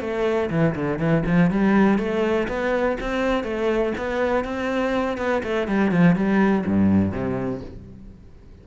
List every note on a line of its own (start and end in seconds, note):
0.00 0.49 A3
0.50 0.74 E3
0.75 0.99 D3
0.99 1.23 E3
1.26 1.50 F3
1.50 1.98 G3
1.98 2.47 A3
2.48 2.97 B3
3.00 3.43 C4
3.43 3.93 A3
3.97 4.44 B3
4.44 5.18 C4
5.18 5.42 B3
5.43 5.67 A3
5.67 5.91 G3
5.91 6.15 F3
6.15 6.65 G3
6.66 7.12 G2
7.12 7.61 C3